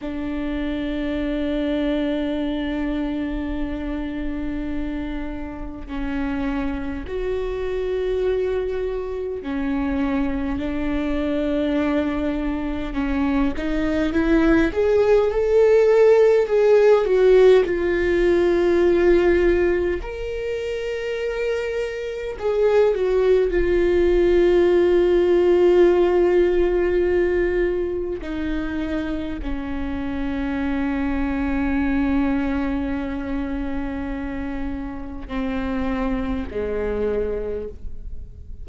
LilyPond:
\new Staff \with { instrumentName = "viola" } { \time 4/4 \tempo 4 = 51 d'1~ | d'4 cis'4 fis'2 | cis'4 d'2 cis'8 dis'8 | e'8 gis'8 a'4 gis'8 fis'8 f'4~ |
f'4 ais'2 gis'8 fis'8 | f'1 | dis'4 cis'2.~ | cis'2 c'4 gis4 | }